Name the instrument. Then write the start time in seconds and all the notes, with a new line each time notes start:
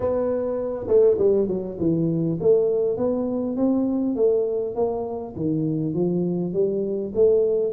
tuba
0.00 B3
0.87 A3
1.18 G3
1.47 F#3
1.79 E3
2.40 A3
2.97 B3
3.56 C4
4.15 A3
4.75 A#3
5.35 D#3
5.94 F3
6.53 G3
7.14 A3